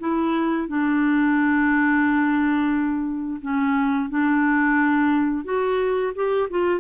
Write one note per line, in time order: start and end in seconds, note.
0.00 0.68 E4
0.68 3.41 D4
3.42 4.10 C#4
4.10 5.45 D4
5.45 6.13 F#4
6.15 6.50 G4
6.51 6.81 F4